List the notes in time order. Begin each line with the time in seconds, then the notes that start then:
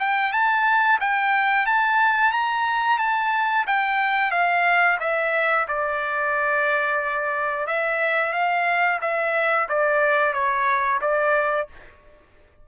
0.00 G5
0.33 A5
1.01 G5
1.66 A5
2.32 A#5
2.99 A5
3.67 G5
4.32 F5
5.01 E5
5.68 D5
7.67 E5
8.33 F5
9.02 E5
9.69 D5
10.33 C#5
11.01 D5